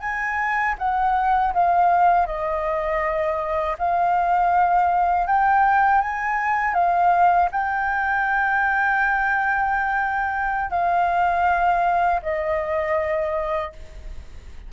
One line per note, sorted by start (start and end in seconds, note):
0.00 0.75 G#5
0.78 1.53 F#5
1.54 2.27 F5
2.27 3.77 D#5
3.78 5.27 F5
5.27 6.01 G5
6.01 6.74 G#5
6.74 7.49 F5
7.52 10.70 G5
10.70 12.20 F5
12.22 13.72 D#5